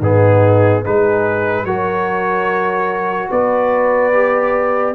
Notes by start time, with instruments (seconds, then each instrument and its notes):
0.00 tuba G#2, trombone B3, horn D#4, trumpet G#4
0.83 tuba G#3, trombone D#4, horn G#4, trumpet B4
1.64 tuba F#3, trombone F#4, horn A#4, trumpet C#5
3.30 tuba B3, horn B4, trumpet D5
4.12 trombone G4